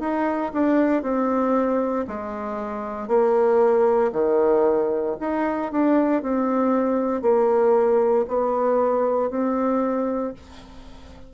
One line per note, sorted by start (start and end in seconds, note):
0.00 0.52 D#4
0.54 1.03 D4
1.03 2.06 C4
2.07 3.08 G#3
3.08 4.11 A#3
4.12 5.16 D#3
5.21 5.72 D#4
5.72 6.23 D4
6.23 7.22 C4
7.22 8.26 A#3
8.28 9.31 B3
9.31 10.34 C4